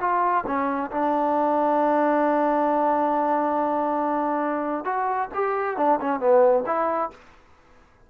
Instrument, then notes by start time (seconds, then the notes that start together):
trombone
0.00 F4
0.46 C#4
0.91 D4
4.85 F#4
5.34 G4
5.77 D4
6.01 C#4
6.20 B3
6.66 E4